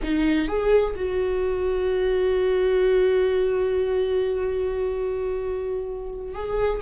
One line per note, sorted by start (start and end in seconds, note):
0.02 0.48 D#4
0.48 0.94 G#4
0.95 6.34 F#4
6.34 6.81 G#4